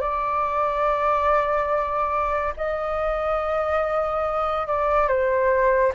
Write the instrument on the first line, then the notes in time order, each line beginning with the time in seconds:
flute
0.00 D5
2.56 D#5
4.67 D5
5.08 C5